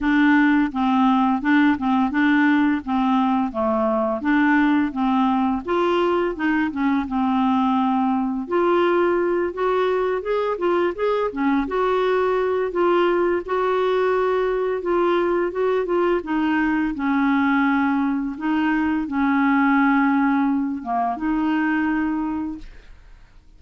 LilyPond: \new Staff \with { instrumentName = "clarinet" } { \time 4/4 \tempo 4 = 85 d'4 c'4 d'8 c'8 d'4 | c'4 a4 d'4 c'4 | f'4 dis'8 cis'8 c'2 | f'4. fis'4 gis'8 f'8 gis'8 |
cis'8 fis'4. f'4 fis'4~ | fis'4 f'4 fis'8 f'8 dis'4 | cis'2 dis'4 cis'4~ | cis'4. ais8 dis'2 | }